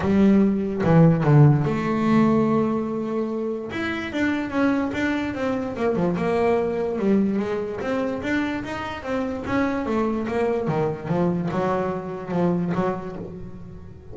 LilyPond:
\new Staff \with { instrumentName = "double bass" } { \time 4/4 \tempo 4 = 146 g2 e4 d4 | a1~ | a4 e'4 d'4 cis'4 | d'4 c'4 ais8 f8 ais4~ |
ais4 g4 gis4 c'4 | d'4 dis'4 c'4 cis'4 | a4 ais4 dis4 f4 | fis2 f4 fis4 | }